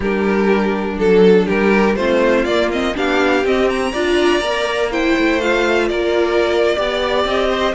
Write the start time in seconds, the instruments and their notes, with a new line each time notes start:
0.00 cello G3, viola D4, violin G4 A#4
0.99 cello F#3, violin A4
1.46 cello G3, violin G4 A#4
1.95 cello A3, viola C4, violin F4 C5
2.44 cello A#3, viola A#3, violin D5
2.71 viola C4, violin D#5
2.94 cello B3, viola D4, violin G4 F5
3.44 cello C4, viola C4, violin D#5
3.69 violin A#5
3.92 cello D4, viola F4, violin D5
4.40 cello A#3, viola A#4
4.90 viola E4, violin C5 G5
5.17 cello A3
5.40 viola F4, violin F5
5.88 cello A#3, violin A#4 D5
6.75 cello B3, viola G4, violin D5
7.25 cello C4, violin D#5
7.50 violin C5